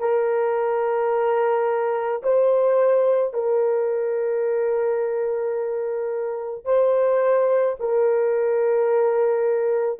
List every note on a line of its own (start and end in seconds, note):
0.00 2.22 A#4
2.23 3.33 C5
3.33 6.65 A#4
6.65 7.76 C5
7.80 9.99 A#4